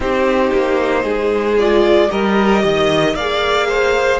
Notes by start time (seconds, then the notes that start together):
0.00 C4 D#4 G4 C5
0.53 A#3
1.03 G#3 G#4
1.58 F4 D5
2.08 G3 G4 A#4 D#5
2.62 D#3 D#5
3.14 A#3 G#4 D5 F5
3.68 C5